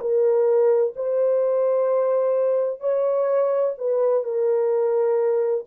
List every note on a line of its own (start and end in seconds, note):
0.00 0.94 A#4
0.96 2.80 C5
2.80 3.74 C#5
3.78 4.24 B4
4.24 5.64 A#4